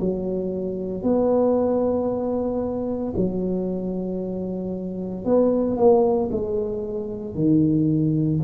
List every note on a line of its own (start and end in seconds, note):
0.00 1.03 F#3
1.03 3.14 B3
3.17 5.25 F#3
5.25 5.77 B3
5.77 6.30 A#3
6.32 7.35 G#3
7.35 8.40 D#3